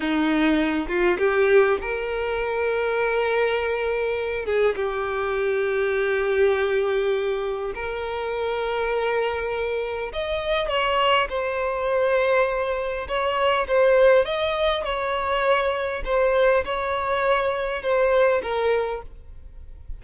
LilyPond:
\new Staff \with { instrumentName = "violin" } { \time 4/4 \tempo 4 = 101 dis'4. f'8 g'4 ais'4~ | ais'2.~ ais'8 gis'8 | g'1~ | g'4 ais'2.~ |
ais'4 dis''4 cis''4 c''4~ | c''2 cis''4 c''4 | dis''4 cis''2 c''4 | cis''2 c''4 ais'4 | }